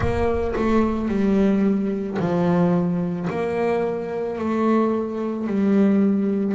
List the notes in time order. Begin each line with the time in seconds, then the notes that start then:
0.00 A#3
0.56 A3
1.08 G3
2.19 F3
3.30 A#3
4.38 A3
5.46 G3